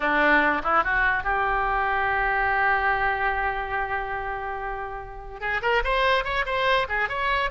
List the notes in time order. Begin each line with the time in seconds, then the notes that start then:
0.00 D4
0.63 E4
0.84 F#4
1.23 G4
5.40 G#4
5.62 A#4
5.84 C5
6.24 C#5
6.45 C5
6.88 G#4
7.09 C#5